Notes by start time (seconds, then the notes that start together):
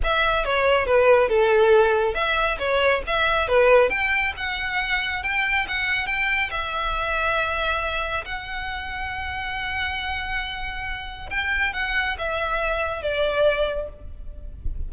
0.03 E5
0.44 C#5
0.86 B4
1.28 A4
2.14 E5
2.58 C#5
3.07 E5
3.48 B4
3.89 G5
4.36 F#5
5.23 G5
5.67 F#5
6.06 G5
6.50 E5
8.25 F#5
11.30 G5
11.73 F#5
12.18 E5
13.02 D5